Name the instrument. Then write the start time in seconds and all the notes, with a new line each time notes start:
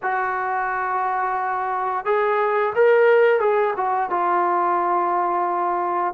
trombone
0.02 F#4
2.05 G#4
2.75 A#4
3.39 G#4
3.76 F#4
4.09 F4